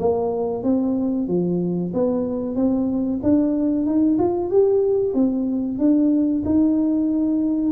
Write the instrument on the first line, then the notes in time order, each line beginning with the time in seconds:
tuba
0.00 A#3
0.64 C4
1.28 F3
1.94 B3
2.56 C4
3.23 D4
3.86 D#4
4.19 F4
4.51 G4
5.15 C4
5.79 D4
6.46 D#4